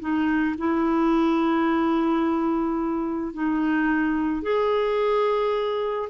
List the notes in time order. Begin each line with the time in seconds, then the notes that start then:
0.00 D#4
0.58 E4
3.34 D#4
4.42 G#4